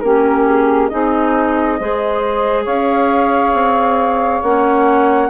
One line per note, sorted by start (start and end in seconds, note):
0.00 0.91 A#3
0.00 0.90 C#4
0.00 0.90 G4
0.00 0.44 A#4
0.46 0.88 G#4
0.88 1.80 C4
0.88 1.79 D#4
0.88 1.78 G#4
0.88 2.65 D#5
1.79 2.66 G#3
1.79 4.44 G#4
1.79 2.64 C5
2.64 3.53 C#4
2.64 5.28 C#5
2.64 4.42 F5
3.53 4.41 C4
4.42 5.30 A#3
4.42 5.30 C#4
4.42 5.30 F#5